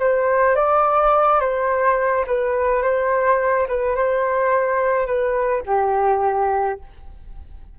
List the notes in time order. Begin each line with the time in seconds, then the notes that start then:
0.00 C5
0.56 D5
1.41 C5
2.27 B4
2.83 C5
3.68 B4
3.96 C5
5.07 B4
5.66 G4